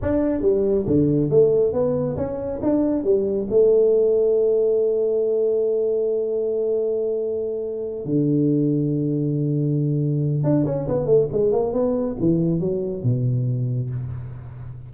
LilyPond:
\new Staff \with { instrumentName = "tuba" } { \time 4/4 \tempo 4 = 138 d'4 g4 d4 a4 | b4 cis'4 d'4 g4 | a1~ | a1~ |
a2~ a8 d4.~ | d1 | d'8 cis'8 b8 a8 gis8 ais8 b4 | e4 fis4 b,2 | }